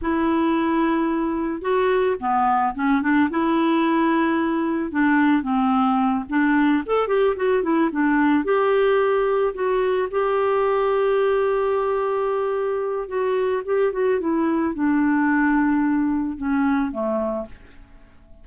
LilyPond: \new Staff \with { instrumentName = "clarinet" } { \time 4/4 \tempo 4 = 110 e'2. fis'4 | b4 cis'8 d'8 e'2~ | e'4 d'4 c'4. d'8~ | d'8 a'8 g'8 fis'8 e'8 d'4 g'8~ |
g'4. fis'4 g'4.~ | g'1 | fis'4 g'8 fis'8 e'4 d'4~ | d'2 cis'4 a4 | }